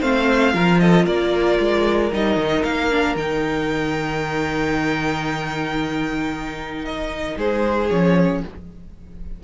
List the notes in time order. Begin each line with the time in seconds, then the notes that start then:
0.00 A3 C4 C5 F5
0.53 F3 F4 A#4
0.79 A4 D#5
1.05 A#3 A#4 D5
1.59 G#3
2.12 G3 D#4 D#5
2.36 D#3
2.63 A#3 F5
2.90 D4
3.15 D#3 D#4 G5
6.85 D#5
7.37 G#3 G#4 C5
7.90 F3 C#4 C#5